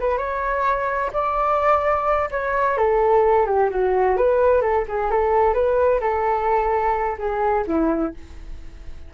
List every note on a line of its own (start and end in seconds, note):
0.00 0.18 B4
0.18 1.11 C#5
1.13 2.29 D5
2.31 2.78 C#5
2.78 3.47 A4
3.47 3.70 G4
3.70 4.17 F#4
4.17 4.62 B4
4.62 4.85 A4
4.88 5.11 G#4
5.11 5.54 A4
5.54 6.00 B4
6.01 7.17 A4
7.18 7.65 G#4
7.67 8.14 E4